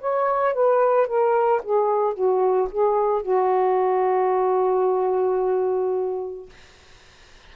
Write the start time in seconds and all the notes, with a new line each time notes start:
0.00 C#5
0.54 B4
1.07 A#4
1.63 G#4
2.13 F#4
2.71 G#4
3.22 F#4